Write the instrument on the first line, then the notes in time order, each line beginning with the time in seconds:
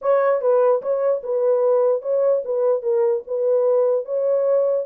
horn
0.01 C#5
0.41 B4
0.81 C#5
1.23 B4
2.02 C#5
2.45 B4
2.82 A#4
3.27 B4
4.05 C#5